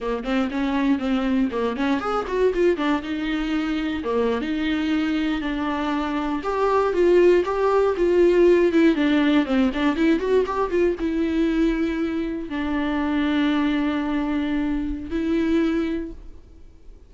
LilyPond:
\new Staff \with { instrumentName = "viola" } { \time 4/4 \tempo 4 = 119 ais8 c'8 cis'4 c'4 ais8 cis'8 | gis'8 fis'8 f'8 d'8 dis'2 | ais8. dis'2 d'4~ d'16~ | d'8. g'4 f'4 g'4 f'16~ |
f'4~ f'16 e'8 d'4 c'8 d'8 e'16~ | e'16 fis'8 g'8 f'8 e'2~ e'16~ | e'8. d'2.~ d'16~ | d'2 e'2 | }